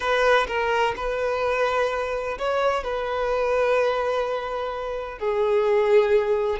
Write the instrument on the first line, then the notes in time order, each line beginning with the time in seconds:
violin
0.00 B4
0.47 A#4
0.96 B4
2.38 C#5
2.83 B4
5.18 G#4